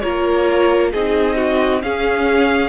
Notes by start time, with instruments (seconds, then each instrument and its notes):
0.00 cello A#3, viola F4, violin A#4 C#5
0.92 cello C4, viola D#4, violin G#4 D#5
1.37 violin F#4
1.82 viola C#4, cello C#4, violin G#4 F5